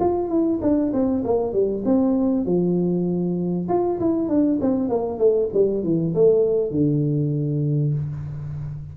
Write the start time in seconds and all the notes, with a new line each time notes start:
0.00 F4
0.29 E4
0.62 D4
0.93 C4
1.25 A#3
1.53 G3
1.85 C4
2.46 F3
3.69 F4
4.00 E4
4.29 D4
4.61 C4
4.89 A#3
5.19 A3
5.54 G3
5.84 E3
6.15 A3
6.71 D3